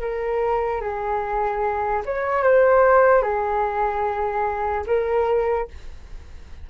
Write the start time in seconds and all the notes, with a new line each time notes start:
0.00 A#4
0.81 G#4
2.05 C#5
2.43 C5
3.22 G#4
4.86 A#4